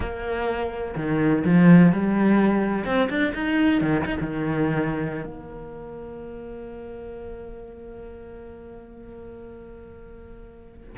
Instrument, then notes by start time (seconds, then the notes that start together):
cello
0.00 A#3
0.96 D#3
1.44 F3
1.92 G3
2.85 C4
3.09 D4
3.34 D#4
3.81 D#3
4.05 D#4
4.20 D#3
5.24 A#3